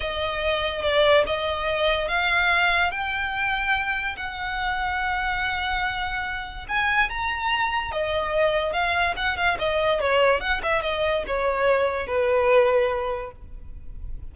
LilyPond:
\new Staff \with { instrumentName = "violin" } { \time 4/4 \tempo 4 = 144 dis''2 d''4 dis''4~ | dis''4 f''2 g''4~ | g''2 fis''2~ | fis''1 |
gis''4 ais''2 dis''4~ | dis''4 f''4 fis''8 f''8 dis''4 | cis''4 fis''8 e''8 dis''4 cis''4~ | cis''4 b'2. | }